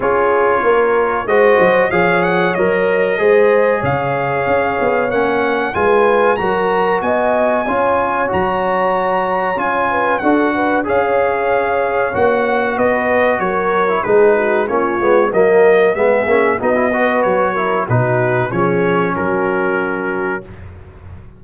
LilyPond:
<<
  \new Staff \with { instrumentName = "trumpet" } { \time 4/4 \tempo 4 = 94 cis''2 dis''4 f''8 fis''8 | dis''2 f''2 | fis''4 gis''4 ais''4 gis''4~ | gis''4 ais''2 gis''4 |
fis''4 f''2 fis''4 | dis''4 cis''4 b'4 cis''4 | dis''4 e''4 dis''4 cis''4 | b'4 cis''4 ais'2 | }
  \new Staff \with { instrumentName = "horn" } { \time 4/4 gis'4 ais'4 c''4 cis''4~ | cis''4 c''4 cis''2~ | cis''4 b'4 ais'4 dis''4 | cis''2.~ cis''8 b'8 |
a'8 b'8 cis''2. | b'4 ais'4 gis'8 fis'8 f'4 | ais'4 gis'4 fis'8 b'4 ais'8 | fis'4 gis'4 fis'2 | }
  \new Staff \with { instrumentName = "trombone" } { \time 4/4 f'2 fis'4 gis'4 | ais'4 gis'2. | cis'4 f'4 fis'2 | f'4 fis'2 f'4 |
fis'4 gis'2 fis'4~ | fis'4.~ fis'16 e'16 dis'4 cis'8 b8 | ais4 b8 cis'8 dis'16 e'16 fis'4 e'8 | dis'4 cis'2. | }
  \new Staff \with { instrumentName = "tuba" } { \time 4/4 cis'4 ais4 gis8 fis8 f4 | fis4 gis4 cis4 cis'8 b8 | ais4 gis4 fis4 b4 | cis'4 fis2 cis'4 |
d'4 cis'2 ais4 | b4 fis4 gis4 ais8 gis8 | fis4 gis8 ais8 b4 fis4 | b,4 f4 fis2 | }
>>